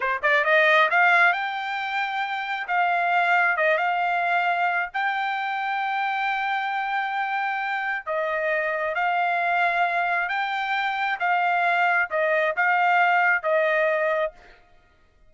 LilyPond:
\new Staff \with { instrumentName = "trumpet" } { \time 4/4 \tempo 4 = 134 c''8 d''8 dis''4 f''4 g''4~ | g''2 f''2 | dis''8 f''2~ f''8 g''4~ | g''1~ |
g''2 dis''2 | f''2. g''4~ | g''4 f''2 dis''4 | f''2 dis''2 | }